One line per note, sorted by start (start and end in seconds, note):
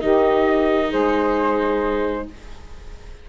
0.00 0.93 D#3
0.00 2.28 D#4
0.00 0.89 G4
0.00 0.91 D#5
0.89 2.29 G#3
0.89 2.26 G#4
0.89 2.28 C5